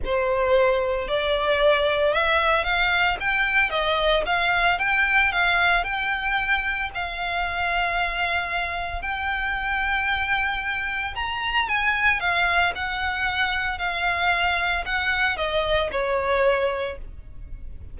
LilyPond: \new Staff \with { instrumentName = "violin" } { \time 4/4 \tempo 4 = 113 c''2 d''2 | e''4 f''4 g''4 dis''4 | f''4 g''4 f''4 g''4~ | g''4 f''2.~ |
f''4 g''2.~ | g''4 ais''4 gis''4 f''4 | fis''2 f''2 | fis''4 dis''4 cis''2 | }